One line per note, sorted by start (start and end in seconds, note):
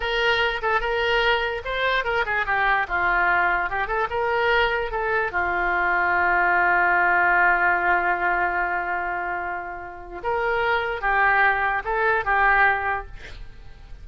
0.00 0.61 A#4
0.62 0.80 A4
0.80 1.62 A#4
1.64 2.04 C5
2.04 2.24 A#4
2.25 2.46 G#4
2.46 2.87 G4
2.88 3.69 F4
3.69 3.87 G4
3.87 4.07 A4
4.09 4.91 A#4
4.91 5.31 A4
5.31 10.21 F4
10.23 11.01 A#4
11.01 11.83 G4
11.84 12.24 A4
12.24 13.06 G4